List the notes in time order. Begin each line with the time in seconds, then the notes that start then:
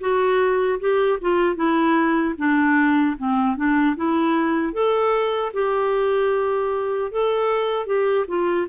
0.00 F#4
0.80 G4
1.21 F4
1.56 E4
2.38 D4
3.18 C4
3.56 D4
3.96 E4
4.73 A4
5.53 G4
7.11 A4
7.86 G4
8.28 F4